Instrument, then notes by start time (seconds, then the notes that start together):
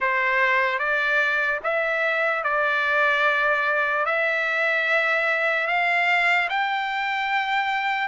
trumpet
0.00 C5
0.79 D5
1.63 E5
2.43 D5
4.05 E5
5.67 F5
6.49 G5